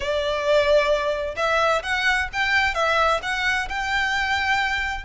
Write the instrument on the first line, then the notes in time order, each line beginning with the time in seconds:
violin
0.00 D5
1.36 E5
1.83 F#5
2.32 G5
2.74 E5
3.22 F#5
3.68 G5